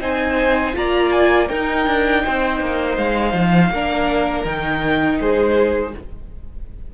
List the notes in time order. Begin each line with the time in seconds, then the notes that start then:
0.00 C4 D#4 C5 G#5
0.74 A#3 F4 D5 A#5
1.12 G#5
1.49 D#4 A#4 G5
1.87 D4
2.24 C4 C5
2.60 A#3
2.97 G#3 F5
3.33 F3
3.70 A#3 D4 A#4
4.44 D#3 D#4 G5
5.20 G#3 G#4 C5